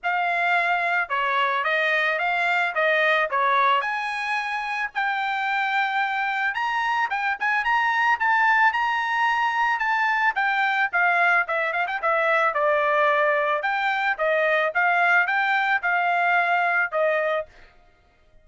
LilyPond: \new Staff \with { instrumentName = "trumpet" } { \time 4/4 \tempo 4 = 110 f''2 cis''4 dis''4 | f''4 dis''4 cis''4 gis''4~ | gis''4 g''2. | ais''4 g''8 gis''8 ais''4 a''4 |
ais''2 a''4 g''4 | f''4 e''8 f''16 g''16 e''4 d''4~ | d''4 g''4 dis''4 f''4 | g''4 f''2 dis''4 | }